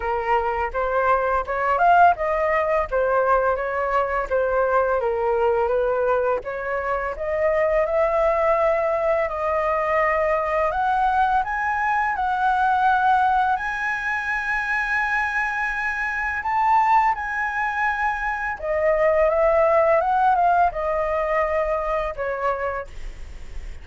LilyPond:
\new Staff \with { instrumentName = "flute" } { \time 4/4 \tempo 4 = 84 ais'4 c''4 cis''8 f''8 dis''4 | c''4 cis''4 c''4 ais'4 | b'4 cis''4 dis''4 e''4~ | e''4 dis''2 fis''4 |
gis''4 fis''2 gis''4~ | gis''2. a''4 | gis''2 dis''4 e''4 | fis''8 f''8 dis''2 cis''4 | }